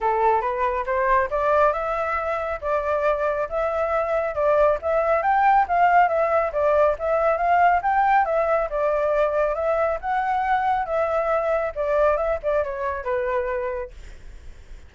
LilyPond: \new Staff \with { instrumentName = "flute" } { \time 4/4 \tempo 4 = 138 a'4 b'4 c''4 d''4 | e''2 d''2 | e''2 d''4 e''4 | g''4 f''4 e''4 d''4 |
e''4 f''4 g''4 e''4 | d''2 e''4 fis''4~ | fis''4 e''2 d''4 | e''8 d''8 cis''4 b'2 | }